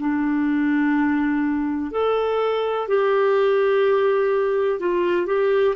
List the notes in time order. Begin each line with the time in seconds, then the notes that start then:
0.00 D4
1.91 A4
2.88 G4
4.80 F4
5.27 G4